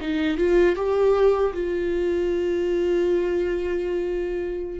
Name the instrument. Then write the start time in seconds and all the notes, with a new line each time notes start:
viola
0.00 D#4
0.37 F4
0.76 G4
1.53 F4